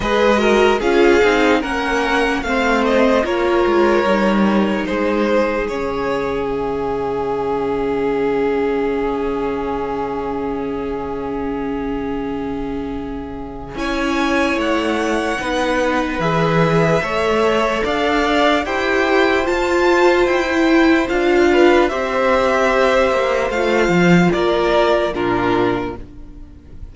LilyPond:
<<
  \new Staff \with { instrumentName = "violin" } { \time 4/4 \tempo 4 = 74 dis''4 f''4 fis''4 f''8 dis''8 | cis''2 c''4 cis''4 | e''1~ | e''1~ |
e''4 gis''4 fis''2 | e''2 f''4 g''4 | a''4 g''4 f''4 e''4~ | e''4 f''4 d''4 ais'4 | }
  \new Staff \with { instrumentName = "violin" } { \time 4/4 b'8 ais'8 gis'4 ais'4 c''4 | ais'2 gis'2~ | gis'1~ | gis'1~ |
gis'4 cis''2 b'4~ | b'4 cis''4 d''4 c''4~ | c''2~ c''8 b'8 c''4~ | c''2 ais'4 f'4 | }
  \new Staff \with { instrumentName = "viola" } { \time 4/4 gis'8 fis'8 f'8 dis'8 cis'4 c'4 | f'4 dis'2 cis'4~ | cis'1~ | cis'1~ |
cis'4 e'2 dis'4 | gis'4 a'2 g'4 | f'4~ f'16 e'8. f'4 g'4~ | g'4 f'2 d'4 | }
  \new Staff \with { instrumentName = "cello" } { \time 4/4 gis4 cis'8 c'8 ais4 a4 | ais8 gis8 g4 gis4 cis4~ | cis1~ | cis1~ |
cis4 cis'4 a4 b4 | e4 a4 d'4 e'4 | f'4 e'4 d'4 c'4~ | c'8 ais8 a8 f8 ais4 ais,4 | }
>>